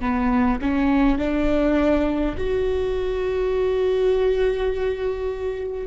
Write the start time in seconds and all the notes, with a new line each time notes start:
0.00 B3
0.61 C#4
1.18 D4
2.37 F#4